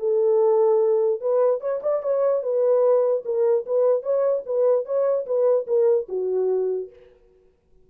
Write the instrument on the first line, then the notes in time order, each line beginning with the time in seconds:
horn
0.00 A4
1.21 B4
1.61 C#5
1.83 D5
2.03 C#5
2.43 B4
3.25 A#4
3.66 B4
4.03 C#5
4.46 B4
4.86 C#5
5.26 B4
5.67 A#4
6.09 F#4